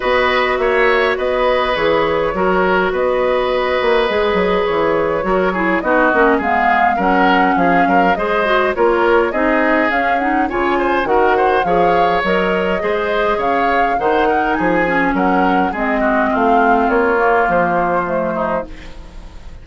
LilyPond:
<<
  \new Staff \with { instrumentName = "flute" } { \time 4/4 \tempo 4 = 103 dis''4 e''4 dis''4 cis''4~ | cis''4 dis''2. | cis''2 dis''4 f''4 | fis''4 f''4 dis''4 cis''4 |
dis''4 f''8 fis''8 gis''4 fis''4 | f''4 dis''2 f''4 | fis''4 gis''4 fis''4 dis''4 | f''4 cis''4 c''2 | }
  \new Staff \with { instrumentName = "oboe" } { \time 4/4 b'4 cis''4 b'2 | ais'4 b'2.~ | b'4 ais'8 gis'8 fis'4 gis'4 | ais'4 gis'8 ais'8 c''4 ais'4 |
gis'2 cis''8 c''8 ais'8 c''8 | cis''2 c''4 cis''4 | c''8 ais'8 gis'4 ais'4 gis'8 fis'8 | f'2.~ f'8 dis'8 | }
  \new Staff \with { instrumentName = "clarinet" } { \time 4/4 fis'2. gis'4 | fis'2. gis'4~ | gis'4 fis'8 e'8 dis'8 cis'8 b4 | cis'2 gis'8 fis'8 f'4 |
dis'4 cis'8 dis'8 f'4 fis'4 | gis'4 ais'4 gis'2 | dis'4. cis'4. c'4~ | c'4. ais4. a4 | }
  \new Staff \with { instrumentName = "bassoon" } { \time 4/4 b4 ais4 b4 e4 | fis4 b4. ais8 gis8 fis8 | e4 fis4 b8 ais8 gis4 | fis4 f8 fis8 gis4 ais4 |
c'4 cis'4 cis4 dis4 | f4 fis4 gis4 cis4 | dis4 f4 fis4 gis4 | a4 ais4 f2 | }
>>